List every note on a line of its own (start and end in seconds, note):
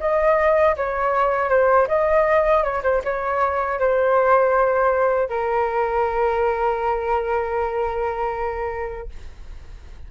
0.00 0.76 D#5
0.77 1.49 C#5
1.49 1.87 C5
1.87 2.63 D#5
2.63 2.82 C#5
2.83 3.02 C5
3.04 3.79 C#5
3.79 5.29 C5
5.29 9.09 A#4